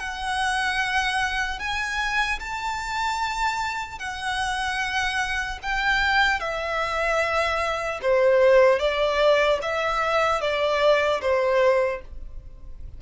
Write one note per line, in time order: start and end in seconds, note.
0.00 1.60 F#5
1.60 2.40 G#5
2.40 3.99 A5
3.99 5.59 F#5
5.63 6.40 G5
6.40 8.00 E5
8.03 8.80 C5
8.80 9.60 D5
9.63 10.41 E5
10.41 11.21 D5
11.21 12.01 C5